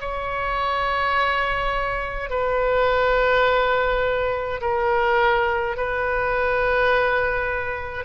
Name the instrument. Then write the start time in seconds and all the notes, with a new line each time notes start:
oboe
0.00 C#5
2.30 B4
4.61 A#4
5.76 B4